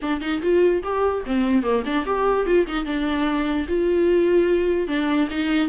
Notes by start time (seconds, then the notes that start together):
0.02 D4
0.20 D#4
0.41 F4
0.83 G4
1.26 C4
1.62 A#3
1.85 D4
2.05 G4
2.45 F4
2.67 D#4
2.85 D4
3.68 F4
4.87 D4
5.30 D#4